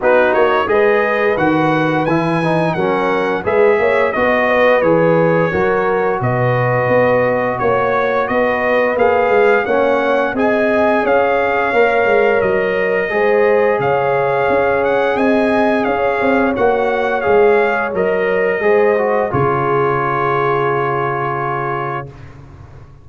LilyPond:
<<
  \new Staff \with { instrumentName = "trumpet" } { \time 4/4 \tempo 4 = 87 b'8 cis''8 dis''4 fis''4 gis''4 | fis''4 e''4 dis''4 cis''4~ | cis''4 dis''2 cis''4 | dis''4 f''4 fis''4 gis''4 |
f''2 dis''2 | f''4. fis''8 gis''4 f''4 | fis''4 f''4 dis''2 | cis''1 | }
  \new Staff \with { instrumentName = "horn" } { \time 4/4 fis'4 b'2. | ais'4 b'8 cis''8 dis''8 b'4. | ais'4 b'2 cis''4 | b'2 cis''4 dis''4 |
cis''2. c''4 | cis''2 dis''4 cis''4~ | cis''2. c''4 | gis'1 | }
  \new Staff \with { instrumentName = "trombone" } { \time 4/4 dis'4 gis'4 fis'4 e'8 dis'8 | cis'4 gis'4 fis'4 gis'4 | fis'1~ | fis'4 gis'4 cis'4 gis'4~ |
gis'4 ais'2 gis'4~ | gis'1 | fis'4 gis'4 ais'4 gis'8 fis'8 | f'1 | }
  \new Staff \with { instrumentName = "tuba" } { \time 4/4 b8 ais8 gis4 dis4 e4 | fis4 gis8 ais8 b4 e4 | fis4 b,4 b4 ais4 | b4 ais8 gis8 ais4 c'4 |
cis'4 ais8 gis8 fis4 gis4 | cis4 cis'4 c'4 cis'8 c'8 | ais4 gis4 fis4 gis4 | cis1 | }
>>